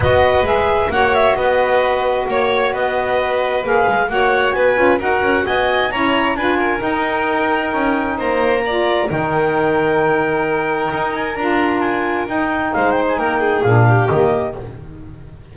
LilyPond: <<
  \new Staff \with { instrumentName = "clarinet" } { \time 4/4 \tempo 4 = 132 dis''4 e''4 fis''8 e''8 dis''4~ | dis''4 cis''4 dis''2 | f''4 fis''4 gis''4 fis''4 | gis''4 ais''4 gis''4 g''4~ |
g''2 ais''2 | g''1~ | g''8 gis''8 ais''4 gis''4 g''4 | f''8 g''16 gis''16 g''4 f''4 dis''4 | }
  \new Staff \with { instrumentName = "violin" } { \time 4/4 b'2 cis''4 b'4~ | b'4 cis''4 b'2~ | b'4 cis''4 b'4 ais'4 | dis''4 cis''4 b'8 ais'4.~ |
ais'2 c''4 d''4 | ais'1~ | ais'1 | c''4 ais'8 gis'4 g'4. | }
  \new Staff \with { instrumentName = "saxophone" } { \time 4/4 fis'4 gis'4 fis'2~ | fis'1 | gis'4 fis'4. f'8 fis'4~ | fis'4 e'4 f'4 dis'4~ |
dis'2. f'4 | dis'1~ | dis'4 f'2 dis'4~ | dis'2 d'4 ais4 | }
  \new Staff \with { instrumentName = "double bass" } { \time 4/4 b4 gis4 ais4 b4~ | b4 ais4 b2 | ais8 gis8 ais4 b8 cis'8 dis'8 cis'8 | b4 cis'4 d'4 dis'4~ |
dis'4 cis'4 ais2 | dis1 | dis'4 d'2 dis'4 | gis4 ais4 ais,4 dis4 | }
>>